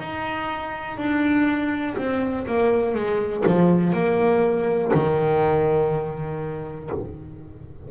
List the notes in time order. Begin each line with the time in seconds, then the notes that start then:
0.00 D#4
0.98 D4
1.98 C4
2.47 A#3
2.95 G#3
3.46 F3
3.93 A#3
4.94 D#3